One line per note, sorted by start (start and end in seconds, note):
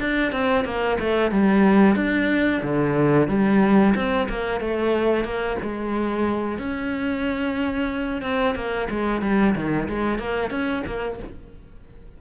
0.00 0.32 D4
0.32 0.65 C4
0.65 0.98 A#3
1.00 1.31 A3
1.31 1.96 G3
1.96 2.62 D4
2.63 3.28 D3
3.28 3.94 G3
3.95 4.28 C4
4.29 4.60 A#3
4.60 5.24 A3
5.24 5.57 A#3
5.63 6.58 G#3
6.58 8.22 C#4
8.22 8.55 C4
8.55 8.88 A#3
8.90 9.22 G#3
9.22 9.55 G3
9.55 9.88 D#3
9.88 10.19 G#3
10.19 10.50 A#3
10.50 10.83 C#4
10.86 11.19 A#3